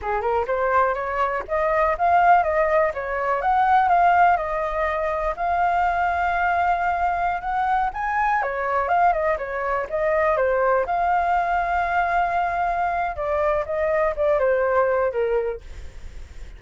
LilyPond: \new Staff \with { instrumentName = "flute" } { \time 4/4 \tempo 4 = 123 gis'8 ais'8 c''4 cis''4 dis''4 | f''4 dis''4 cis''4 fis''4 | f''4 dis''2 f''4~ | f''2.~ f''16 fis''8.~ |
fis''16 gis''4 cis''4 f''8 dis''8 cis''8.~ | cis''16 dis''4 c''4 f''4.~ f''16~ | f''2. d''4 | dis''4 d''8 c''4. ais'4 | }